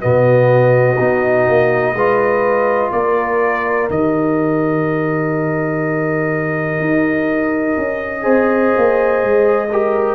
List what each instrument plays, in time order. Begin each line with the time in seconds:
0.00 tuba B2, trombone B3, horn F#4, trumpet D#5
0.98 tuba B3, trombone D#4
1.48 tuba A#3
1.93 tuba G#3, trombone F4, horn B4
2.92 tuba A#3, horn A#4, trumpet D5
3.90 tuba D#3, trombone G4, trumpet D#5
6.80 tuba D#4
7.78 tuba C#4
8.23 tuba C4, trombone G#4, horn C5
8.77 tuba A#3
9.23 tuba G#3
9.71 trombone G4, horn A#4